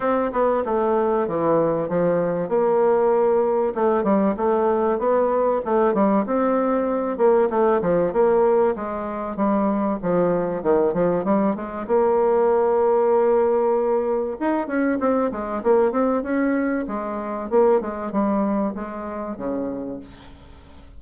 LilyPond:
\new Staff \with { instrumentName = "bassoon" } { \time 4/4 \tempo 4 = 96 c'8 b8 a4 e4 f4 | ais2 a8 g8 a4 | b4 a8 g8 c'4. ais8 | a8 f8 ais4 gis4 g4 |
f4 dis8 f8 g8 gis8 ais4~ | ais2. dis'8 cis'8 | c'8 gis8 ais8 c'8 cis'4 gis4 | ais8 gis8 g4 gis4 cis4 | }